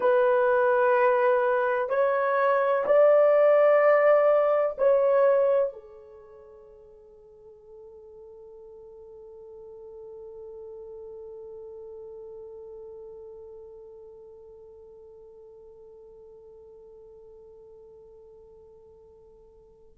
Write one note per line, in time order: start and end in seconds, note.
0.00 1.89 B4
1.89 2.84 C#5
2.86 4.76 D5
4.78 5.72 C#5
5.72 19.97 A4